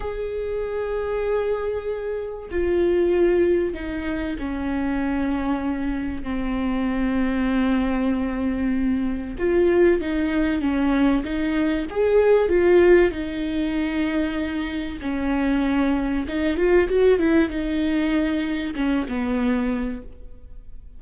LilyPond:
\new Staff \with { instrumentName = "viola" } { \time 4/4 \tempo 4 = 96 gis'1 | f'2 dis'4 cis'4~ | cis'2 c'2~ | c'2. f'4 |
dis'4 cis'4 dis'4 gis'4 | f'4 dis'2. | cis'2 dis'8 f'8 fis'8 e'8 | dis'2 cis'8 b4. | }